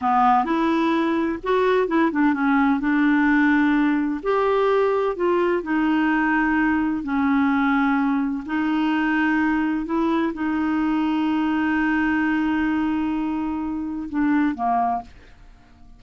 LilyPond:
\new Staff \with { instrumentName = "clarinet" } { \time 4/4 \tempo 4 = 128 b4 e'2 fis'4 | e'8 d'8 cis'4 d'2~ | d'4 g'2 f'4 | dis'2. cis'4~ |
cis'2 dis'2~ | dis'4 e'4 dis'2~ | dis'1~ | dis'2 d'4 ais4 | }